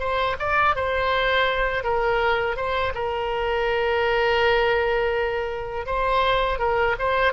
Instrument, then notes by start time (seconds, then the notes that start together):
oboe
0.00 C5
0.40 D5
0.76 C5
1.84 A#4
2.57 C5
2.95 A#4
5.87 C5
6.59 A#4
6.99 C5